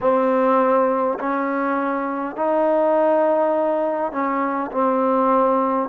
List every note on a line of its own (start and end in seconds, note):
0.00 1.18 C4
1.19 2.35 C#4
2.35 4.12 D#4
4.12 4.71 C#4
4.71 5.89 C4